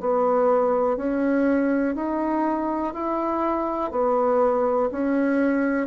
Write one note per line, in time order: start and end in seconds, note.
0.00 0.97 B3
0.97 1.95 C#4
1.95 2.94 D#4
2.94 3.91 E4
3.91 4.90 B3
4.91 5.87 C#4